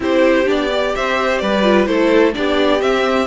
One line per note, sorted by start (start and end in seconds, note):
0.00 0.47 C4
0.00 0.45 E4
0.00 0.95 G4
0.00 0.48 C5
0.45 0.94 B3
0.45 0.68 D4
0.45 0.95 D5
0.71 1.63 G4
0.95 1.41 C4
0.95 1.42 C5
0.95 1.38 E5
1.38 1.87 G3
1.38 1.88 B4
1.38 1.85 D5
1.63 1.86 F4
1.86 2.34 A3
1.86 2.32 E4
1.86 2.35 A4
1.86 2.33 C5
2.32 2.81 B3
2.32 2.79 D4
2.32 3.27 G4
2.32 2.81 D5
2.80 3.27 C4
2.80 3.27 E5